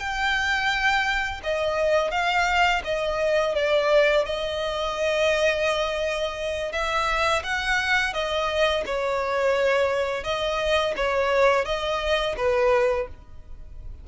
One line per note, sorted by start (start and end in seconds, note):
0.00 1.41 G5
1.44 2.11 D#5
2.11 2.82 F5
2.85 3.55 D#5
3.55 4.25 D5
4.25 6.72 D#5
6.72 7.43 E5
7.44 8.14 F#5
8.14 8.84 D#5
8.86 10.24 C#5
10.24 10.95 D#5
10.97 11.65 C#5
11.65 12.36 D#5
12.37 13.08 B4